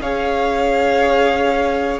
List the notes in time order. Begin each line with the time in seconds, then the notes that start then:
0.00 C#4 G#4 C#5 F5